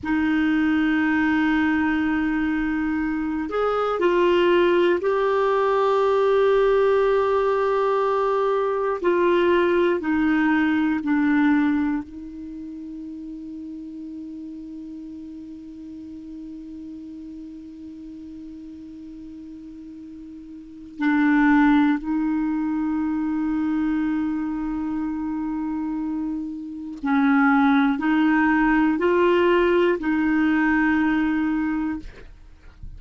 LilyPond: \new Staff \with { instrumentName = "clarinet" } { \time 4/4 \tempo 4 = 60 dis'2.~ dis'8 gis'8 | f'4 g'2.~ | g'4 f'4 dis'4 d'4 | dis'1~ |
dis'1~ | dis'4 d'4 dis'2~ | dis'2. cis'4 | dis'4 f'4 dis'2 | }